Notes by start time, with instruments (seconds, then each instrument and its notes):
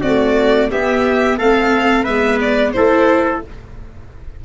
0.00 tuba C4, trumpet F#4, violin D5
0.07 viola A3
0.71 viola B3, tuba B3, trumpet G4, violin E5
1.38 tuba A3, viola C4, trumpet A4, violin F5
2.03 tuba G#3, viola B3, trumpet B4, violin E5
2.40 violin D5
2.72 tuba A3, viola E4, trumpet A4, violin C5